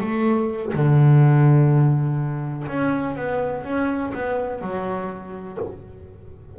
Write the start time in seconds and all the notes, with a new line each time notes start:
0.00 A3
0.73 D3
2.67 C#4
3.15 B3
3.64 C#4
4.13 B3
4.61 F#3